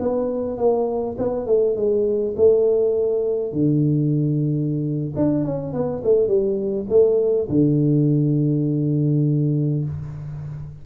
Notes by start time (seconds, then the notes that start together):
0.00 B3
0.58 A#3
1.18 B3
1.47 A3
1.76 G#3
2.37 A3
3.53 D3
5.16 D4
5.45 C#4
5.73 B3
6.04 A3
6.28 G3
6.90 A3
7.49 D3